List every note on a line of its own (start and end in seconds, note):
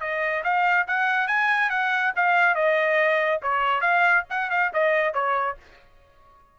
0.00 0.43 D#5
0.44 0.86 F5
0.87 1.27 F#5
1.27 1.70 G#5
1.70 2.13 F#5
2.16 2.55 F5
2.55 3.41 D#5
3.42 3.81 C#5
3.81 4.24 F5
4.30 4.50 F#5
4.50 4.72 F5
4.73 5.14 D#5
5.14 5.57 C#5